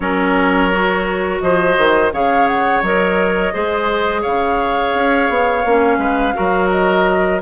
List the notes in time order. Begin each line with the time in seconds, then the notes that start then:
0.00 F#3 C#4 A#4 C#5
0.71 F#4
1.40 F3 C5 D#5
1.77 D#3
2.12 C#3 G#4 C#5 F5
2.47 F#5
2.81 F#3 A#4 D#5
3.53 G#3 G#4 C5
4.21 C#3 C#5 F5
4.94 C#4
5.29 B3
5.65 A#3 C#4
5.97 G#3 B4
6.33 F#3 F#4 A#4
6.69 D#5